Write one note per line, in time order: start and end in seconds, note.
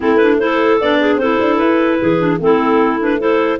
0.00 0.80 A3
0.00 0.19 C4
0.00 0.38 E4
0.00 0.17 A4
0.17 0.40 D4
0.17 0.37 B4
0.39 0.80 E4
0.39 1.00 A4
0.39 0.79 C5
0.80 1.17 B3
0.80 1.21 D4
0.80 1.17 D5
1.00 1.20 G#4
1.17 1.37 C4
1.17 2.18 E4
1.17 2.00 A4
1.17 1.57 C5
1.40 1.59 D4
1.57 1.99 E4
1.57 2.37 B4
2.00 2.39 E3
2.00 2.40 G#4
2.18 2.38 D4
2.39 3.59 A3
2.39 2.99 C4
2.39 3.18 E4
2.39 3.03 A4
2.99 3.19 D4
2.99 3.20 B4
3.18 3.59 E4
3.18 3.58 A4
3.18 3.59 C5